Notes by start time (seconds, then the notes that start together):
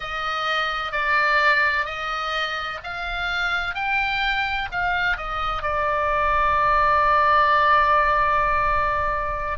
0.00 D#5
0.92 D5
1.85 D#5
2.83 F5
3.74 G5
4.71 F5
5.17 D#5
5.62 D5